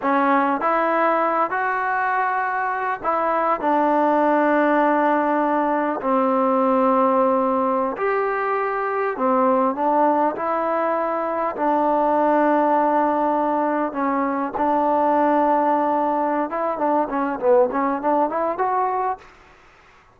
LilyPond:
\new Staff \with { instrumentName = "trombone" } { \time 4/4 \tempo 4 = 100 cis'4 e'4. fis'4.~ | fis'4 e'4 d'2~ | d'2 c'2~ | c'4~ c'16 g'2 c'8.~ |
c'16 d'4 e'2 d'8.~ | d'2.~ d'16 cis'8.~ | cis'16 d'2.~ d'16 e'8 | d'8 cis'8 b8 cis'8 d'8 e'8 fis'4 | }